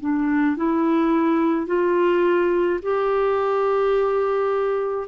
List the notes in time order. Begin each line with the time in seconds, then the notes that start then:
0.00 D4
0.57 E4
1.67 F4
2.82 G4